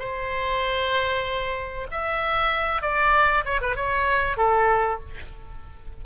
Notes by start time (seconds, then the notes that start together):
0.00 C5
1.91 E5
2.82 D5
3.45 C#5
3.61 B4
3.76 C#5
4.38 A4